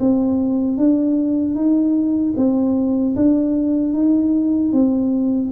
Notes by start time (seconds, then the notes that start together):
0.00 C4
0.78 D4
1.55 D#4
2.37 C4
3.16 D4
3.94 D#4
4.73 C4